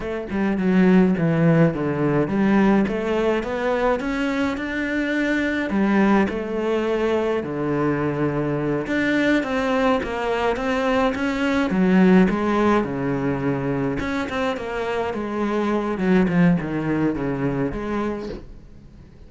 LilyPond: \new Staff \with { instrumentName = "cello" } { \time 4/4 \tempo 4 = 105 a8 g8 fis4 e4 d4 | g4 a4 b4 cis'4 | d'2 g4 a4~ | a4 d2~ d8 d'8~ |
d'8 c'4 ais4 c'4 cis'8~ | cis'8 fis4 gis4 cis4.~ | cis8 cis'8 c'8 ais4 gis4. | fis8 f8 dis4 cis4 gis4 | }